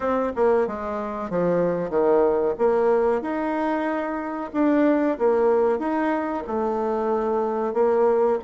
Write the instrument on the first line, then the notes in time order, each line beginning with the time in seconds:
bassoon
0.00 C4
0.35 A#3
0.67 G#3
1.29 F3
1.89 D#3
2.58 A#3
3.21 D#4
4.53 D4
5.18 A#3
5.78 D#4
6.47 A3
7.73 A#3